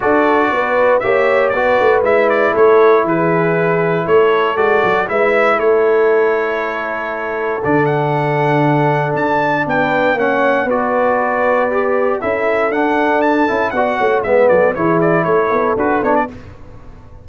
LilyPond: <<
  \new Staff \with { instrumentName = "trumpet" } { \time 4/4 \tempo 4 = 118 d''2 e''4 d''4 | e''8 d''8 cis''4 b'2 | cis''4 d''4 e''4 cis''4~ | cis''2. d''8 fis''8~ |
fis''2 a''4 g''4 | fis''4 d''2. | e''4 fis''4 a''4 fis''4 | e''8 d''8 cis''8 d''8 cis''4 b'8 cis''16 d''16 | }
  \new Staff \with { instrumentName = "horn" } { \time 4/4 a'4 b'4 cis''4 b'4~ | b'4 a'4 gis'2 | a'2 b'4 a'4~ | a'1~ |
a'2. b'4 | cis''4 b'2. | a'2. d''8 cis''8 | b'8 a'8 gis'4 a'2 | }
  \new Staff \with { instrumentName = "trombone" } { \time 4/4 fis'2 g'4 fis'4 | e'1~ | e'4 fis'4 e'2~ | e'2. d'4~ |
d'1 | cis'4 fis'2 g'4 | e'4 d'4. e'8 fis'4 | b4 e'2 fis'8 d'8 | }
  \new Staff \with { instrumentName = "tuba" } { \time 4/4 d'4 b4 ais4 b8 a8 | gis4 a4 e2 | a4 gis8 fis8 gis4 a4~ | a2. d4~ |
d2 d'4 b4 | ais4 b2. | cis'4 d'4. cis'8 b8 a8 | gis8 fis8 e4 a8 b8 d'8 b8 | }
>>